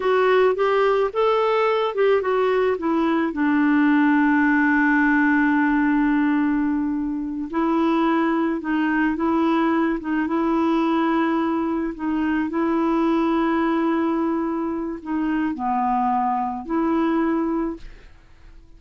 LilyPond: \new Staff \with { instrumentName = "clarinet" } { \time 4/4 \tempo 4 = 108 fis'4 g'4 a'4. g'8 | fis'4 e'4 d'2~ | d'1~ | d'4. e'2 dis'8~ |
dis'8 e'4. dis'8 e'4.~ | e'4. dis'4 e'4.~ | e'2. dis'4 | b2 e'2 | }